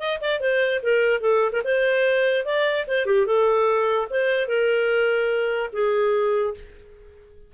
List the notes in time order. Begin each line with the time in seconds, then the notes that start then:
0.00 D#5
0.21 D5
0.40 C5
0.83 A#4
1.21 A4
1.53 A#4
1.65 C5
2.46 D5
2.88 C5
3.06 G4
3.27 A4
4.11 C5
4.48 A#4
5.73 G#4